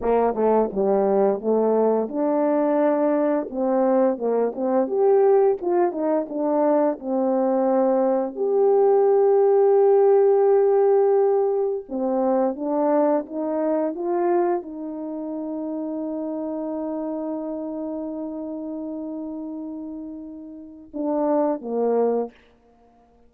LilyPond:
\new Staff \with { instrumentName = "horn" } { \time 4/4 \tempo 4 = 86 ais8 a8 g4 a4 d'4~ | d'4 c'4 ais8 c'8 g'4 | f'8 dis'8 d'4 c'2 | g'1~ |
g'4 c'4 d'4 dis'4 | f'4 dis'2.~ | dis'1~ | dis'2 d'4 ais4 | }